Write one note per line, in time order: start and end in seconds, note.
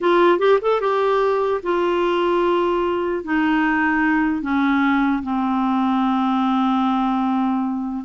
0.00 0.38 F4
0.38 0.59 G4
0.61 0.80 A4
0.80 1.61 G4
1.63 3.24 F4
3.24 4.41 D#4
4.41 5.22 C#4
5.22 8.04 C4